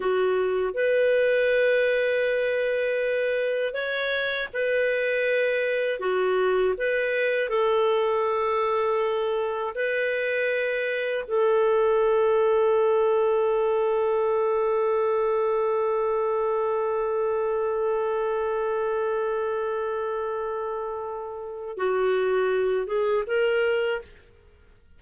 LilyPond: \new Staff \with { instrumentName = "clarinet" } { \time 4/4 \tempo 4 = 80 fis'4 b'2.~ | b'4 cis''4 b'2 | fis'4 b'4 a'2~ | a'4 b'2 a'4~ |
a'1~ | a'1~ | a'1~ | a'4 fis'4. gis'8 ais'4 | }